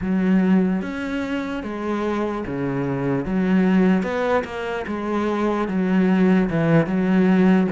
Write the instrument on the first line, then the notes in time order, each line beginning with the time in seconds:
cello
0.01 F#3
0.82 C#4
1.63 G#3
2.46 C#3
3.25 F#3
4.02 B3
4.44 A#3
4.87 G#3
5.68 F#3
6.49 E3
6.86 F#3